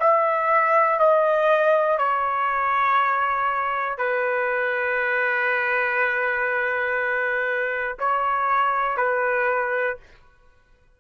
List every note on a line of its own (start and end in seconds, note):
0.00 1.00 E5
1.00 1.99 D#5
1.99 3.98 C#5
3.98 7.98 B4
7.99 8.97 C#5
8.97 9.97 B4